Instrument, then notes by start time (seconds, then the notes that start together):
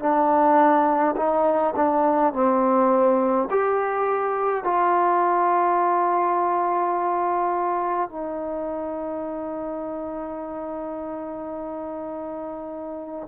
trombone
0.00 D4
1.16 D#4
1.76 D4
2.33 C4
3.50 G4
4.64 F4
8.10 D#4